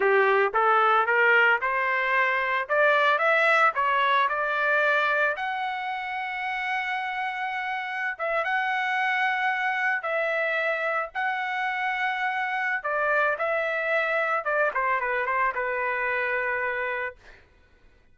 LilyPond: \new Staff \with { instrumentName = "trumpet" } { \time 4/4 \tempo 4 = 112 g'4 a'4 ais'4 c''4~ | c''4 d''4 e''4 cis''4 | d''2 fis''2~ | fis''2.~ fis''16 e''8 fis''16~ |
fis''2~ fis''8. e''4~ e''16~ | e''8. fis''2.~ fis''16 | d''4 e''2 d''8 c''8 | b'8 c''8 b'2. | }